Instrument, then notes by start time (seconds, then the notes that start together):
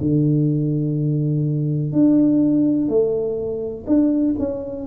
tuba
0.00 D3
1.92 D4
2.88 A3
3.87 D4
4.39 C#4